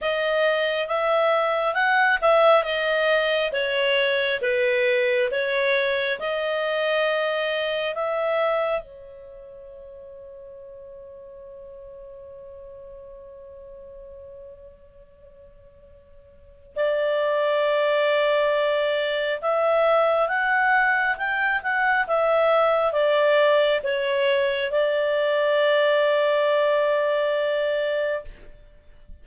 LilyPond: \new Staff \with { instrumentName = "clarinet" } { \time 4/4 \tempo 4 = 68 dis''4 e''4 fis''8 e''8 dis''4 | cis''4 b'4 cis''4 dis''4~ | dis''4 e''4 cis''2~ | cis''1~ |
cis''2. d''4~ | d''2 e''4 fis''4 | g''8 fis''8 e''4 d''4 cis''4 | d''1 | }